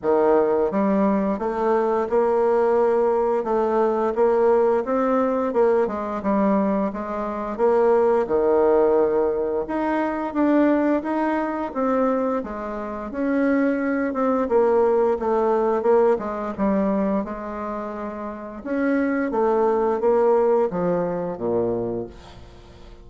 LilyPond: \new Staff \with { instrumentName = "bassoon" } { \time 4/4 \tempo 4 = 87 dis4 g4 a4 ais4~ | ais4 a4 ais4 c'4 | ais8 gis8 g4 gis4 ais4 | dis2 dis'4 d'4 |
dis'4 c'4 gis4 cis'4~ | cis'8 c'8 ais4 a4 ais8 gis8 | g4 gis2 cis'4 | a4 ais4 f4 ais,4 | }